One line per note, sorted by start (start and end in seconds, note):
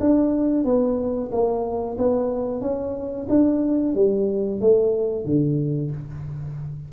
0.00 0.64 D4
0.64 1.30 B3
1.31 1.97 A#3
1.98 2.61 B3
2.61 3.27 C#4
3.29 3.95 D4
3.95 4.61 G3
4.61 5.25 A3
5.25 5.91 D3